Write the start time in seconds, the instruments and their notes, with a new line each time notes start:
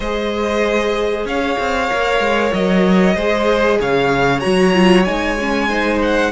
0.00 cello G#3, viola G#4, violin C5 D#5
1.25 cello C#4, violin C#5 F5
1.58 cello C4
1.88 cello A#3, viola A#4
2.19 cello G#3
2.53 cello F#3, violin D#5
3.14 cello G#3, viola G#4, violin C5
3.80 cello C#3, violin C#5 F5
4.40 cello F#3, viola F#4, violin A#5
4.73 viola F4
5.04 cello G#3, viola D#4, violin G#5
5.39 viola C#4
5.69 viola D#4, violin C5
6.01 violin F#5